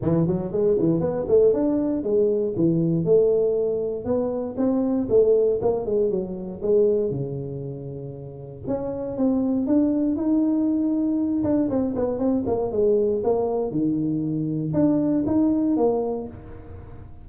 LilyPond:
\new Staff \with { instrumentName = "tuba" } { \time 4/4 \tempo 4 = 118 e8 fis8 gis8 e8 b8 a8 d'4 | gis4 e4 a2 | b4 c'4 a4 ais8 gis8 | fis4 gis4 cis2~ |
cis4 cis'4 c'4 d'4 | dis'2~ dis'8 d'8 c'8 b8 | c'8 ais8 gis4 ais4 dis4~ | dis4 d'4 dis'4 ais4 | }